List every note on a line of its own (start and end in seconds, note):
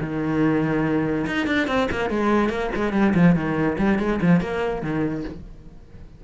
0.00 1.26 D#3
1.26 1.46 D#4
1.46 1.67 D4
1.67 1.88 C4
1.91 2.09 A#3
2.09 2.49 G#3
2.49 2.70 A#3
2.75 2.92 G#3
2.92 3.13 G3
3.14 3.35 F3
3.35 3.77 D#3
3.78 3.99 G3
3.99 4.20 G#3
4.21 4.40 F3
4.40 4.82 A#3
4.82 5.24 D#3